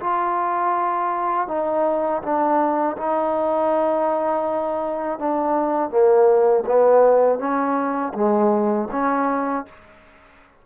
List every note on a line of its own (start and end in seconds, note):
0.00 1.48 F4
1.48 2.22 D#4
2.23 2.97 D4
2.98 5.19 D#4
5.19 5.90 D4
5.90 6.64 A#3
6.66 7.39 B3
7.39 8.13 C#4
8.14 8.89 G#3
8.92 9.66 C#4